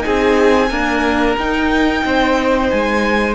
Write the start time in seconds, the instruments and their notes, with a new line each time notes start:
0.00 cello C4, viola D#4, violin G#4 G#5
0.69 viola A#3, cello D4, violin A#4
1.37 cello D#4, viola D#4, violin G5
2.05 cello C4, violin C5
2.70 cello G#3, violin G#5